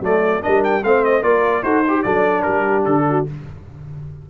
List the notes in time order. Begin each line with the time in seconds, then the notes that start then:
0.00 F#3 A3 A4 D5
0.41 G3 D4 A#4 D#5
0.64 G5
0.83 A3 C4 C5 F5
1.04 D#5
1.23 A#3 F4 A#4 D5
1.63 D#4 F#4 A4 C5
1.88 G4
2.03 F#3 D4 A4 D5
2.42 G3 G4 A#4
2.85 D3 A4
3.09 F#4